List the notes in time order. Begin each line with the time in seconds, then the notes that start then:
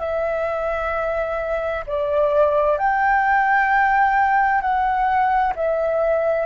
0.00 E5
1.87 D5
2.78 G5
4.61 F#5
5.56 E5